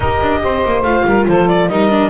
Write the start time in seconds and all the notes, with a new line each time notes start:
0.00 D#4 G4 A#4 D#5
0.21 D4
0.43 C4 C5
0.65 A#3
0.82 A3 F4 F5
1.04 G3 A#4
1.27 F3 A4 C5
1.48 D5
1.68 G3 D#4 A#4 D#5
1.89 D4